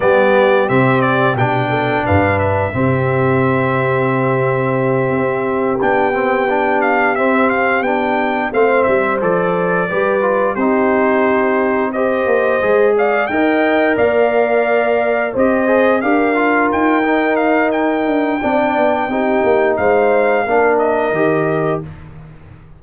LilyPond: <<
  \new Staff \with { instrumentName = "trumpet" } { \time 4/4 \tempo 4 = 88 d''4 e''8 d''8 g''4 f''8 e''8~ | e''1~ | e''8 g''4. f''8 e''8 f''8 g''8~ | g''8 f''8 e''8 d''2 c''8~ |
c''4. dis''4. f''8 g''8~ | g''8 f''2 dis''4 f''8~ | f''8 g''4 f''8 g''2~ | g''4 f''4. dis''4. | }
  \new Staff \with { instrumentName = "horn" } { \time 4/4 g'2~ g'8 a'8 b'4 | g'1~ | g'1~ | g'8 c''2 b'4 g'8~ |
g'4. c''4. d''8 dis''8~ | dis''8 d''2 c''4 ais'8~ | ais'2. d''4 | g'4 c''4 ais'2 | }
  \new Staff \with { instrumentName = "trombone" } { \time 4/4 b4 c'4 d'2 | c'1~ | c'8 d'8 c'8 d'4 c'4 d'8~ | d'8 c'4 a'4 g'8 f'8 dis'8~ |
dis'4. g'4 gis'4 ais'8~ | ais'2~ ais'8 g'8 gis'8 g'8 | f'4 dis'2 d'4 | dis'2 d'4 g'4 | }
  \new Staff \with { instrumentName = "tuba" } { \time 4/4 g4 c4 b,4 g,4 | c2.~ c8 c'8~ | c'8 b2 c'4 b8~ | b8 a8 g8 f4 g4 c'8~ |
c'2 ais8 gis4 dis'8~ | dis'8 ais2 c'4 d'8~ | d'8 dis'2 d'8 c'8 b8 | c'8 ais8 gis4 ais4 dis4 | }
>>